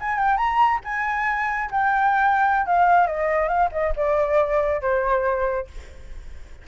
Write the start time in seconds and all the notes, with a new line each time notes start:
0.00 G#5
0.18 G5
0.37 A#5
0.84 G#5
1.71 G5
2.66 F5
3.07 D#5
3.48 F5
3.72 D#5
3.96 D5
4.81 C5